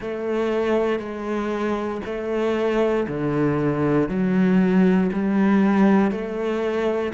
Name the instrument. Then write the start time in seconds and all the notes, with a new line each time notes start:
cello
0.00 A3
0.99 G#3
2.05 A3
3.07 D3
4.09 F#3
5.13 G3
6.11 A3